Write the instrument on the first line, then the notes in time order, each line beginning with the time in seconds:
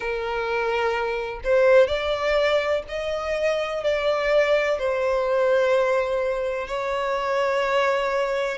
violin
0.00 A#4
1.43 C5
1.87 D5
2.88 D#5
3.83 D5
4.79 C5
6.67 C#5